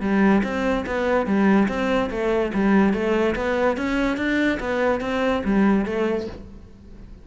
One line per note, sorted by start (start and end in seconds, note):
0.00 0.42 G3
0.43 0.85 C4
0.86 1.26 B3
1.26 1.67 G3
1.68 2.09 C4
2.10 2.51 A3
2.54 2.93 G3
2.93 3.35 A3
3.35 3.77 B3
3.77 4.16 C#4
4.16 4.58 D4
4.59 5.00 B3
5.00 5.42 C4
5.44 5.85 G3
5.85 6.27 A3